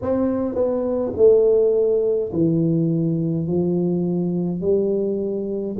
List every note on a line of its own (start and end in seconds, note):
0.01 0.55 C4
0.55 1.12 B3
1.16 2.31 A3
2.32 3.47 E3
3.47 4.60 F3
4.60 5.76 G3